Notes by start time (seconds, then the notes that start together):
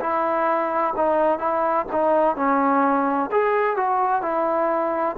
0.00 E4
0.97 D#4
1.39 E4
1.92 D#4
2.36 C#4
3.32 G#4
3.77 F#4
4.22 E4